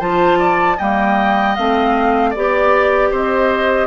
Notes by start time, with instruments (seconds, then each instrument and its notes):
0.00 bassoon F3, clarinet F4, oboe C5, flute A5
0.39 oboe D5
0.77 bassoon G3, clarinet A#3, oboe D#5, flute G5
1.56 bassoon A3, clarinet C4, flute F5
2.31 bassoon B3, clarinet G4, oboe D5, flute D5
3.12 bassoon C4, oboe C5, flute D#5